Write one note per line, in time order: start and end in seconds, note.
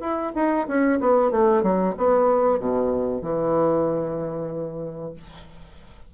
0.00 0.32 E4
0.35 0.67 D#4
0.68 1.00 C#4
1.00 1.31 B3
1.31 1.62 A3
1.62 1.94 F#3
1.97 2.59 B3
2.59 3.22 B2
3.22 5.13 E3